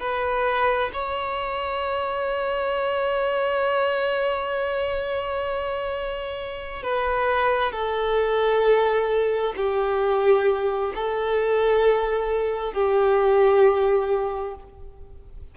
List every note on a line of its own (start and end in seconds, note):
0.00 0.91 B4
0.93 6.83 C#5
6.83 7.72 B4
7.72 9.54 A4
9.56 10.93 G4
10.95 12.73 A4
12.73 14.55 G4